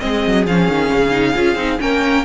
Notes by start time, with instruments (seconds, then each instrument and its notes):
0.00 cello G#3, viola C4, violin G#4 D#5
0.27 cello F#3
0.47 cello F3, viola C#4, violin F5
0.69 cello D#3
0.93 cello C#3
1.12 viola D#4
1.35 cello C#4, viola F4
1.56 cello C4, viola D#4
1.80 cello A#3, viola C#4, violin A#4 G5